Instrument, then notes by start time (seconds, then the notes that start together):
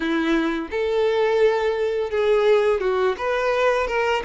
violin
0.00 E4
0.71 A4
2.10 G#4
2.80 F#4
3.17 B4
3.87 A#4